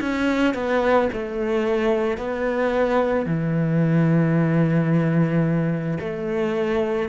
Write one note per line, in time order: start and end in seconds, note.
0.00 0.54 C#4
0.54 1.09 B3
1.13 2.17 A3
2.17 3.26 B3
3.26 5.99 E3
6.00 7.09 A3